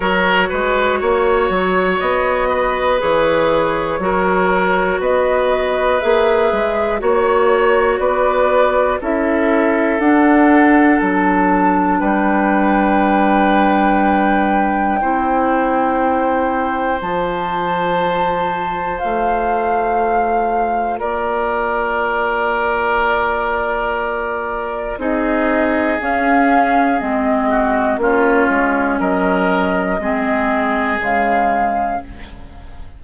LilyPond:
<<
  \new Staff \with { instrumentName = "flute" } { \time 4/4 \tempo 4 = 60 cis''2 dis''4 cis''4~ | cis''4 dis''4 e''4 cis''4 | d''4 e''4 fis''4 a''4 | g''1~ |
g''4 a''2 f''4~ | f''4 d''2.~ | d''4 dis''4 f''4 dis''4 | cis''4 dis''2 f''4 | }
  \new Staff \with { instrumentName = "oboe" } { \time 4/4 ais'8 b'8 cis''4. b'4. | ais'4 b'2 cis''4 | b'4 a'2. | b'2. c''4~ |
c''1~ | c''4 ais'2.~ | ais'4 gis'2~ gis'8 fis'8 | f'4 ais'4 gis'2 | }
  \new Staff \with { instrumentName = "clarinet" } { \time 4/4 fis'2. gis'4 | fis'2 gis'4 fis'4~ | fis'4 e'4 d'2~ | d'2. e'4~ |
e'4 f'2.~ | f'1~ | f'4 dis'4 cis'4 c'4 | cis'2 c'4 gis4 | }
  \new Staff \with { instrumentName = "bassoon" } { \time 4/4 fis8 gis8 ais8 fis8 b4 e4 | fis4 b4 ais8 gis8 ais4 | b4 cis'4 d'4 fis4 | g2. c'4~ |
c'4 f2 a4~ | a4 ais2.~ | ais4 c'4 cis'4 gis4 | ais8 gis8 fis4 gis4 cis4 | }
>>